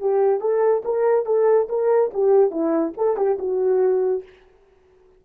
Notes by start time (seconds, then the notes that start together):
0.00 G4
0.40 A4
0.85 A#4
1.26 A4
1.69 A#4
2.14 G4
2.50 E4
2.97 A4
3.17 G4
3.39 F#4